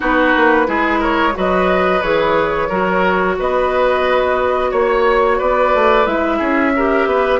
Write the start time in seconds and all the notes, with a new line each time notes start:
0.00 B3 D#4 F#4 B4
0.36 A#3
0.66 G#3 E4 G#4
0.99 A#4 C#5
1.33 F#3 F#4 B4 D#5
2.01 E3 G#4 C#5
2.68 F#3 F#4 A#4
3.38 B3 B4 D#5
4.70 A#3 C#5
5.38 B3 B4 D5
5.74 A3
6.06 G#3 E4 E5
6.38 C#4 G#4
6.76 G4 A#4
7.06 B3 B4